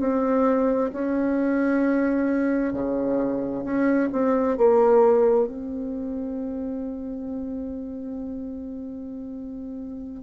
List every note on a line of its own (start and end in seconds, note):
0.00 0.91 C4
0.93 2.74 C#4
2.74 3.64 C#3
3.64 4.10 C#4
4.12 4.58 C4
4.58 5.48 A#3
5.48 10.24 C4